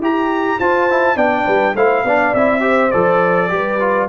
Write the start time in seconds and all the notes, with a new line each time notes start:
0.00 E4 G4 A#5
0.60 F4 C5 A5
0.90 E4
1.16 B3 D4 D5 G5
1.45 G3 B4
1.75 A3 E4 C5 F5
2.04 B3 D4 D5
2.34 C4 E4 E5
2.60 G4 C5
2.91 F3 A4 D5
3.50 G3 G4 B4
3.80 F4